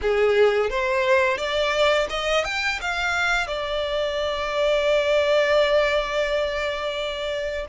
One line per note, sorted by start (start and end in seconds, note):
0.01 0.69 G#4
0.69 1.37 C5
1.37 2.07 D5
2.09 2.44 D#5
2.44 2.79 G5
2.81 3.47 F5
3.47 7.66 D5